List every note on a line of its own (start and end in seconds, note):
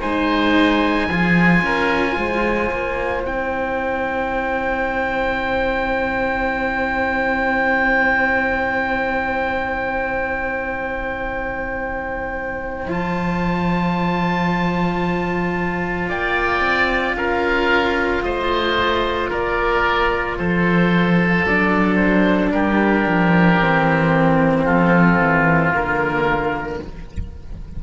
0.00 1.07 G#3
0.00 1.09 D#4
0.00 1.07 C5
0.00 3.22 G#5
1.07 1.61 F3
1.07 3.24 F4
1.07 1.63 G#4
1.62 2.15 C#4
1.62 2.17 A#4
2.17 2.71 G#3
2.17 16.09 C5
2.71 3.25 A#3
3.24 12.87 C4
3.24 12.88 E4
3.24 12.90 G5
12.87 16.08 F3
12.87 21.45 F4
12.87 16.10 A5
16.09 16.60 A#3
16.09 17.16 D5
16.09 17.16 G5
16.60 17.14 C4
17.15 18.22 C#4
17.15 18.24 A#4
17.15 18.23 F5
18.23 19.30 A3
18.23 19.29 C5
18.23 19.30 D#5
19.29 20.39 A#3
19.29 20.36 A#4
19.29 20.38 D5
20.38 21.44 F3
20.38 22.52 A4
20.38 21.46 C5
21.44 22.51 F#3
21.44 23.61 D4
21.44 21.95 D5
21.95 22.49 C5
22.52 23.06 G3
22.52 24.64 G4
22.52 24.65 A#4
23.06 23.60 F3
23.60 24.67 E3
23.60 25.72 C4
24.64 25.19 F3
24.64 26.78 F4
24.64 25.73 A4
25.19 25.73 E3
25.72 26.83 D3
25.72 26.79 A#3
25.72 26.83 A#4